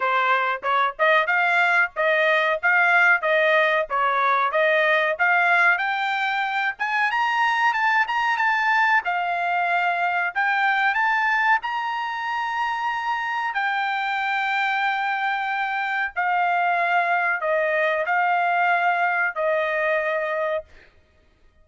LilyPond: \new Staff \with { instrumentName = "trumpet" } { \time 4/4 \tempo 4 = 93 c''4 cis''8 dis''8 f''4 dis''4 | f''4 dis''4 cis''4 dis''4 | f''4 g''4. gis''8 ais''4 | a''8 ais''8 a''4 f''2 |
g''4 a''4 ais''2~ | ais''4 g''2.~ | g''4 f''2 dis''4 | f''2 dis''2 | }